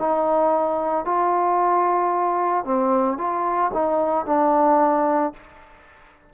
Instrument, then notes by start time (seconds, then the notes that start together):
trombone
0.00 D#4
1.06 F4
2.65 C4
3.18 F4
3.74 D#4
4.26 D4